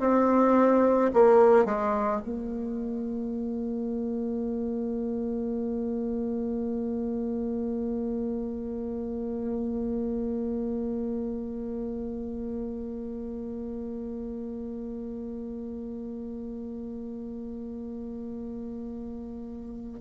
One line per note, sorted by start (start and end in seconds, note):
0.00 1.11 C4
1.14 1.65 A#3
1.65 2.21 G#3
2.25 20.01 A#3